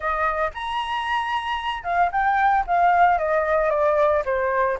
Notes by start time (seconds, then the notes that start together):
0.00 D#5
0.53 A#5
1.83 F5
2.11 G5
2.66 F5
3.18 D#5
3.70 D5
4.25 C5